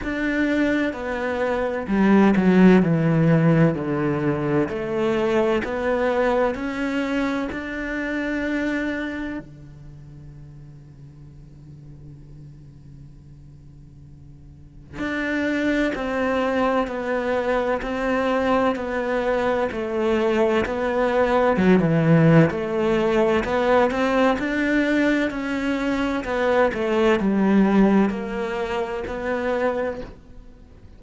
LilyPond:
\new Staff \with { instrumentName = "cello" } { \time 4/4 \tempo 4 = 64 d'4 b4 g8 fis8 e4 | d4 a4 b4 cis'4 | d'2 d2~ | d1 |
d'4 c'4 b4 c'4 | b4 a4 b4 fis16 e8. | a4 b8 c'8 d'4 cis'4 | b8 a8 g4 ais4 b4 | }